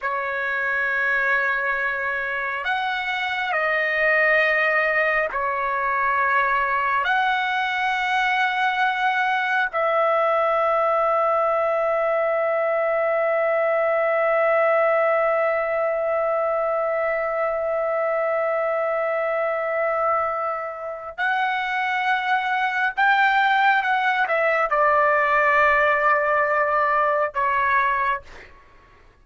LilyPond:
\new Staff \with { instrumentName = "trumpet" } { \time 4/4 \tempo 4 = 68 cis''2. fis''4 | dis''2 cis''2 | fis''2. e''4~ | e''1~ |
e''1~ | e''1 | fis''2 g''4 fis''8 e''8 | d''2. cis''4 | }